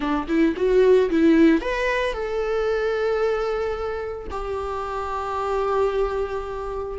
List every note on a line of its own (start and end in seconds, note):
0.00 0.26 D4
0.28 0.54 E4
0.56 1.09 F#4
1.10 1.61 E4
1.61 2.13 B4
2.13 4.27 A4
4.31 6.98 G4